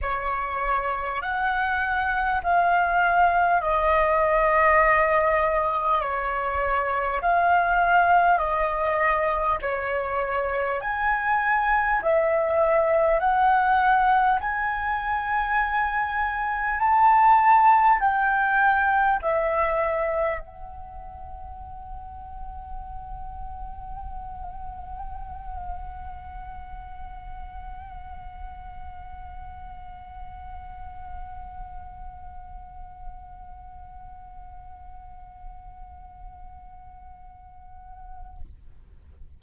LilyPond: \new Staff \with { instrumentName = "flute" } { \time 4/4 \tempo 4 = 50 cis''4 fis''4 f''4 dis''4~ | dis''4 cis''4 f''4 dis''4 | cis''4 gis''4 e''4 fis''4 | gis''2 a''4 g''4 |
e''4 fis''2.~ | fis''1~ | fis''1~ | fis''1 | }